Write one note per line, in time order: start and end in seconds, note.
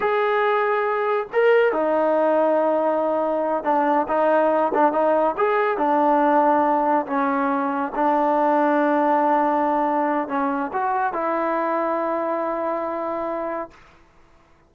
0.00 1.27 G#4
1.32 1.72 A#4
1.72 3.63 D#4
3.63 4.06 D4
4.08 4.72 D#4
4.74 4.92 D4
4.92 5.35 D#4
5.37 5.77 G#4
5.77 7.06 D4
7.06 7.92 C#4
7.95 10.28 D4
10.28 10.71 C#4
10.72 11.13 F#4
11.13 13.70 E4